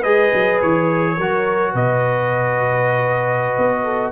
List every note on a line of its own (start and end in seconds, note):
0.00 0.32 G#3
0.00 1.17 G#4
0.00 1.13 B4
0.00 0.59 D#5
0.33 0.62 F#3
0.61 1.17 E3
0.61 1.74 C#5
1.16 1.74 F#3
1.16 4.11 F#4
1.16 1.72 A#4
1.72 3.57 B2
1.72 3.84 B4
1.72 4.11 D#5
3.57 4.11 B3
3.84 4.11 A4